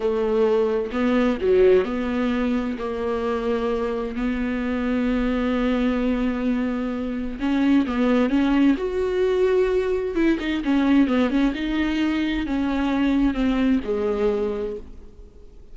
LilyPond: \new Staff \with { instrumentName = "viola" } { \time 4/4 \tempo 4 = 130 a2 b4 fis4 | b2 ais2~ | ais4 b2.~ | b1 |
cis'4 b4 cis'4 fis'4~ | fis'2 e'8 dis'8 cis'4 | b8 cis'8 dis'2 cis'4~ | cis'4 c'4 gis2 | }